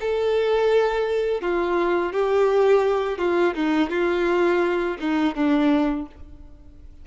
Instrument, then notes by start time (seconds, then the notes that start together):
violin
0.00 A4
1.42 F4
2.13 G4
3.19 F4
3.55 D#4
3.90 F4
5.00 D#4
5.35 D4